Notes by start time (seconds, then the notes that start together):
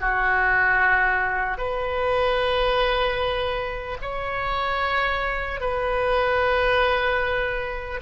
0.00 F#4
1.57 B4
4.01 C#5
5.60 B4